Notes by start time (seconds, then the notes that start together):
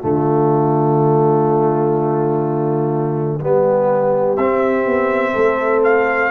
0.00 D3 A3 F4 D5
3.40 G3 B3 G4
4.36 C4 E5
4.85 B3
5.32 A3 A4
5.83 F5